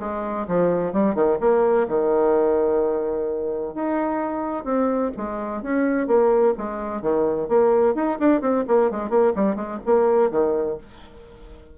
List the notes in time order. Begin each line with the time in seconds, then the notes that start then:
0.00 G#3
0.48 F3
0.93 G3
1.15 D#3
1.41 A#3
1.88 D#3
3.75 D#4
4.64 C4
5.17 G#3
5.62 C#4
6.07 A#3
6.58 G#3
7.02 D#3
7.49 A#3
7.95 D#4
8.20 D4
8.41 C4
8.68 A#3
8.91 G#3
9.10 A#3
9.36 G3
9.56 G#3
9.86 A#3
10.31 D#3